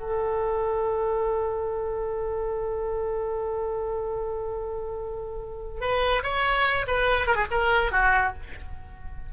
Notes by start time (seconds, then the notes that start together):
0.00 A4
5.81 B4
6.24 C#5
6.87 B4
7.27 A#4
7.36 G#4
7.51 A#4
7.92 F#4